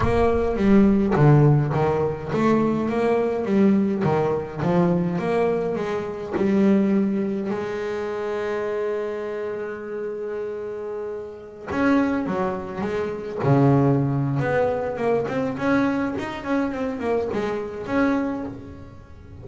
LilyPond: \new Staff \with { instrumentName = "double bass" } { \time 4/4 \tempo 4 = 104 ais4 g4 d4 dis4 | a4 ais4 g4 dis4 | f4 ais4 gis4 g4~ | g4 gis2.~ |
gis1~ | gis16 cis'4 fis4 gis4 cis8.~ | cis4 b4 ais8 c'8 cis'4 | dis'8 cis'8 c'8 ais8 gis4 cis'4 | }